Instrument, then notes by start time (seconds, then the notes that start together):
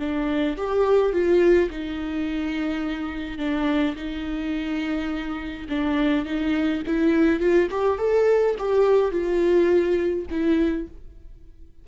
viola
0.00 D4
0.57 G4
1.13 F4
1.71 D#4
3.39 D4
3.96 D#4
5.69 D4
6.26 D#4
6.87 E4
7.40 F4
7.71 G4
7.99 A4
8.59 G4
9.12 F4
10.31 E4